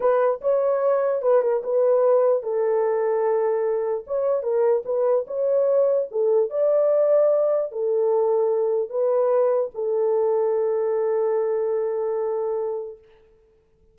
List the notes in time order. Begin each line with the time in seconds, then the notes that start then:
0.00 B4
0.41 C#5
1.22 B4
1.42 A#4
1.63 B4
2.42 A4
4.06 C#5
4.42 A#4
4.85 B4
5.27 C#5
6.11 A4
6.50 D5
7.71 A4
8.89 B4
9.74 A4